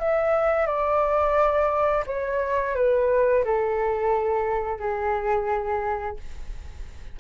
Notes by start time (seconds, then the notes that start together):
0.00 E5
0.67 D5
2.07 C#5
2.76 B4
3.45 A4
4.80 G#4